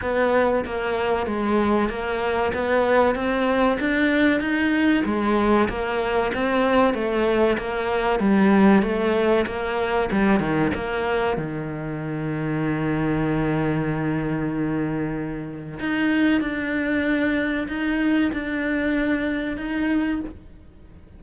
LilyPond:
\new Staff \with { instrumentName = "cello" } { \time 4/4 \tempo 4 = 95 b4 ais4 gis4 ais4 | b4 c'4 d'4 dis'4 | gis4 ais4 c'4 a4 | ais4 g4 a4 ais4 |
g8 dis8 ais4 dis2~ | dis1~ | dis4 dis'4 d'2 | dis'4 d'2 dis'4 | }